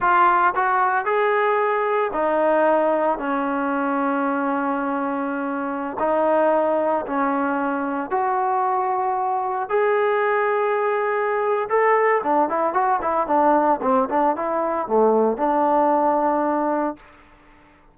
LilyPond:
\new Staff \with { instrumentName = "trombone" } { \time 4/4 \tempo 4 = 113 f'4 fis'4 gis'2 | dis'2 cis'2~ | cis'2.~ cis'16 dis'8.~ | dis'4~ dis'16 cis'2 fis'8.~ |
fis'2~ fis'16 gis'4.~ gis'16~ | gis'2 a'4 d'8 e'8 | fis'8 e'8 d'4 c'8 d'8 e'4 | a4 d'2. | }